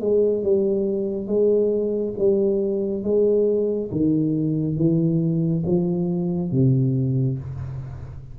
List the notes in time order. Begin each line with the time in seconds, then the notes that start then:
0.00 G#3
0.43 G3
1.27 G#3
2.18 G3
3.03 G#3
3.91 D#3
4.77 E3
5.66 F3
6.51 C3